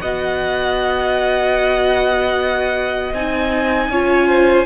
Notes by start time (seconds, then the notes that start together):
0.00 B3 F#4 D#5 F#5
3.13 C4 D#4 G#5
3.88 C#4 F4 C#5
4.28 C5